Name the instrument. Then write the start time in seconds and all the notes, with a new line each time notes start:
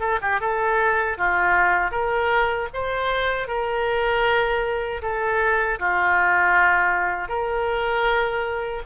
oboe
0.00 A4
0.22 G4
0.41 A4
1.17 F4
1.92 A#4
2.74 C5
3.48 A#4
5.02 A4
5.79 F4
7.29 A#4